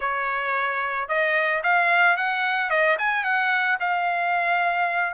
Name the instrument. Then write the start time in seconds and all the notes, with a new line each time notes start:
trumpet
0.00 C#5
1.08 D#5
1.63 F5
2.16 F#5
2.70 D#5
2.98 G#5
3.24 F#5
3.80 F5